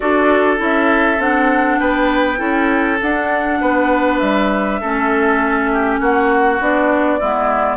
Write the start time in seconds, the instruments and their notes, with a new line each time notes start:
0.00 bassoon D4, clarinet F#4, oboe A4, flute D5
0.57 bassoon C#4, clarinet E4, flute E5
1.18 bassoon C4, clarinet D4, flute F#5
1.78 bassoon B3, oboe B4, flute G5
2.37 bassoon C#4, clarinet E4, oboe A4
3.01 bassoon D4, clarinet D4, flute F#5
3.60 bassoon B3, oboe B4
4.18 bassoon G3, flute E5
4.80 bassoon A3, clarinet C#4, oboe A4
5.72 oboe G4
6.00 bassoon A#3, oboe F#4, flute F#5
6.59 bassoon B3, clarinet D4, flute D5
7.19 bassoon G#3, clarinet B3, oboe E4